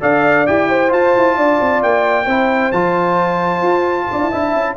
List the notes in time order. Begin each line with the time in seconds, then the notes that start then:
0.00 D4 A4 D5 F5
0.46 E4 G4 G5
0.69 C5
0.88 F4 A5
1.16 E4
1.36 D4 D5
1.60 C4
1.82 A#3 G5
2.25 C4 E4 C5
2.71 F3 F4 A5
3.62 F4
4.11 D4 D5
4.21 E4
4.31 D4 E4 E5
4.54 C#4